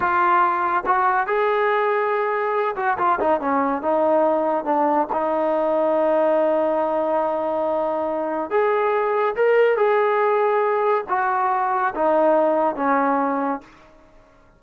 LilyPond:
\new Staff \with { instrumentName = "trombone" } { \time 4/4 \tempo 4 = 141 f'2 fis'4 gis'4~ | gis'2~ gis'8 fis'8 f'8 dis'8 | cis'4 dis'2 d'4 | dis'1~ |
dis'1 | gis'2 ais'4 gis'4~ | gis'2 fis'2 | dis'2 cis'2 | }